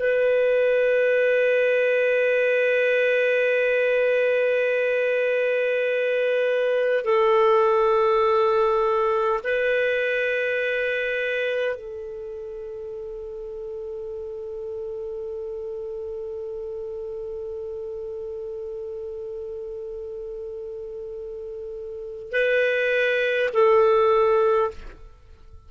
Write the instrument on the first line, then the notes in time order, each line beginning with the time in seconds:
clarinet
0.00 B4
7.05 A4
9.44 B4
11.76 A4
22.32 B4
23.54 A4